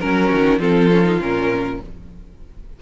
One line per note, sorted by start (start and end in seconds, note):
0.00 0.33 F#3
0.00 0.60 C#4
0.00 0.60 A#4
0.00 0.29 A#4
0.29 0.59 D#3
0.29 0.59 F#4
0.59 1.19 F3
0.59 0.90 C4
0.59 1.80 F4
0.59 1.21 A4
0.93 1.04 C#4
1.04 1.19 D#4
1.21 1.81 A#2
1.21 1.81 C#4
1.21 1.82 A#4